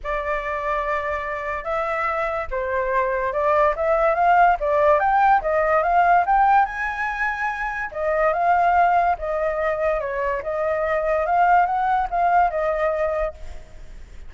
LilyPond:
\new Staff \with { instrumentName = "flute" } { \time 4/4 \tempo 4 = 144 d''1 | e''2 c''2 | d''4 e''4 f''4 d''4 | g''4 dis''4 f''4 g''4 |
gis''2. dis''4 | f''2 dis''2 | cis''4 dis''2 f''4 | fis''4 f''4 dis''2 | }